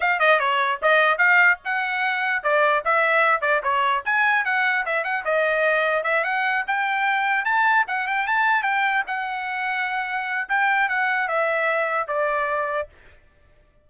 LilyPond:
\new Staff \with { instrumentName = "trumpet" } { \time 4/4 \tempo 4 = 149 f''8 dis''8 cis''4 dis''4 f''4 | fis''2 d''4 e''4~ | e''8 d''8 cis''4 gis''4 fis''4 | e''8 fis''8 dis''2 e''8 fis''8~ |
fis''8 g''2 a''4 fis''8 | g''8 a''4 g''4 fis''4.~ | fis''2 g''4 fis''4 | e''2 d''2 | }